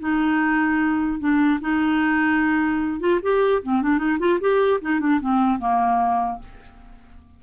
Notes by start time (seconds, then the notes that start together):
0.00 D#4
1.20 D4
1.61 D#4
3.00 F4
3.23 G4
3.63 C4
3.82 D4
3.98 D#4
4.20 F4
4.41 G4
4.82 D#4
5.01 D4
5.21 C4
5.60 A#3